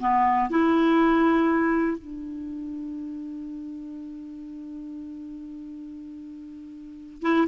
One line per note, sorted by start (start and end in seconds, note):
0.00 0.50 B3
0.50 1.98 E4
1.98 7.22 D4
7.22 7.47 E4